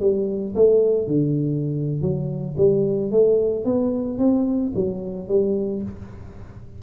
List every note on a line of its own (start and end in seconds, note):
0.00 0.54 G3
0.55 1.07 A3
1.07 2.02 D3
2.02 2.56 F#3
2.57 3.11 G3
3.11 3.65 A3
3.65 4.18 B3
4.18 4.72 C4
4.75 5.29 F#3
5.29 5.83 G3